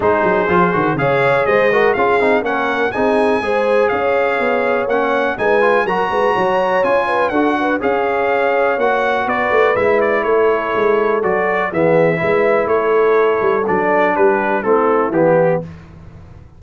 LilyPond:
<<
  \new Staff \with { instrumentName = "trumpet" } { \time 4/4 \tempo 4 = 123 c''2 f''4 dis''4 | f''4 fis''4 gis''2 | f''2 fis''4 gis''4 | ais''2 gis''4 fis''4 |
f''2 fis''4 d''4 | e''8 d''8 cis''2 d''4 | e''2 cis''2 | d''4 b'4 a'4 g'4 | }
  \new Staff \with { instrumentName = "horn" } { \time 4/4 gis'2 cis''4 c''8 ais'8 | gis'4 ais'4 gis'4 c''4 | cis''2. b'4 | ais'8 b'8 cis''4. b'8 a'8 b'8 |
cis''2. b'4~ | b'4 a'2. | gis'4 b'4 a'2~ | a'4 g'4 e'2 | }
  \new Staff \with { instrumentName = "trombone" } { \time 4/4 dis'4 f'8 fis'8 gis'4. fis'8 | f'8 dis'8 cis'4 dis'4 gis'4~ | gis'2 cis'4 dis'8 f'8 | fis'2 f'4 fis'4 |
gis'2 fis'2 | e'2. fis'4 | b4 e'2. | d'2 c'4 b4 | }
  \new Staff \with { instrumentName = "tuba" } { \time 4/4 gis8 fis8 f8 dis8 cis4 gis4 | cis'8 c'8 ais4 c'4 gis4 | cis'4 b4 ais4 gis4 | fis8 gis8 fis4 cis'4 d'4 |
cis'2 ais4 b8 a8 | gis4 a4 gis4 fis4 | e4 gis4 a4. g8 | fis4 g4 a4 e4 | }
>>